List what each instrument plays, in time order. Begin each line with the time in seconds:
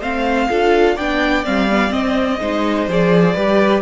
0.00 cello A3, viola C4, violin C5 F5
0.49 cello D4, viola F4, violin A4
0.95 cello B3, viola D4, violin D5 G5
1.44 cello G3, viola C4, violin F5
1.70 viola B3
1.89 viola C4, cello C4, violin D#5
2.40 cello G#3, viola D#4, violin C5
2.87 cello F3, viola G#4, violin D5
3.34 cello G3, viola G4, violin B4